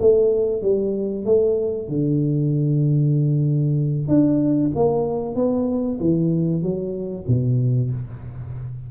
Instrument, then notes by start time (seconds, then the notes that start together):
tuba
0.00 A3
0.62 G3
1.25 A3
1.88 D3
4.08 D4
4.75 A#3
5.35 B3
6.00 E3
6.62 F#3
7.27 B2